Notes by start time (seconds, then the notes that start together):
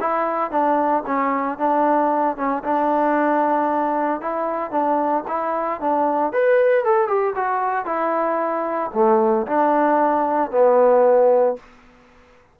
0.00 E4
0.51 D4
1.06 C#4
1.58 D4
2.37 C#4
2.64 D4
4.21 E4
4.71 D4
5.28 E4
5.81 D4
6.32 B4
6.84 A4
7.07 G4
7.35 F#4
7.85 E4
8.94 A3
9.47 D4
10.51 B3